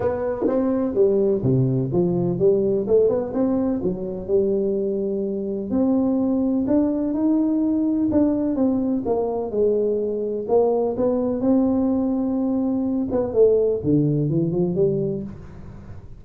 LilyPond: \new Staff \with { instrumentName = "tuba" } { \time 4/4 \tempo 4 = 126 b4 c'4 g4 c4 | f4 g4 a8 b8 c'4 | fis4 g2. | c'2 d'4 dis'4~ |
dis'4 d'4 c'4 ais4 | gis2 ais4 b4 | c'2.~ c'8 b8 | a4 d4 e8 f8 g4 | }